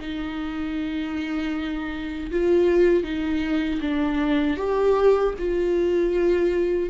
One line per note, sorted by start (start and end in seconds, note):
0.00 2.31 D#4
2.31 3.03 F4
3.03 3.80 D#4
3.81 4.57 D4
4.57 5.34 G4
5.39 6.90 F4